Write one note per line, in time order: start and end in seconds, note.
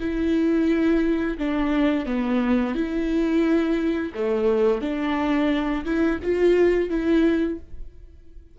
0.00 1.38 E4
1.38 2.06 D4
2.06 2.75 B3
2.75 4.13 E4
4.15 4.82 A3
4.82 5.85 D4
5.85 6.20 E4
6.23 6.90 F4
6.90 7.59 E4